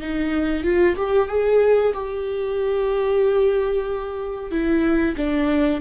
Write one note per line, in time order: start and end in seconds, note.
0.00 0.63 D#4
0.63 0.96 F4
0.96 1.28 G4
1.28 1.93 G#4
1.93 4.51 G4
4.51 5.15 E4
5.16 5.80 D4